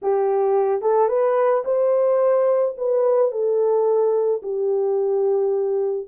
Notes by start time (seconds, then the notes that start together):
0.02 G4
0.81 A4
1.08 B4
1.65 C5
2.77 B4
3.31 A4
4.42 G4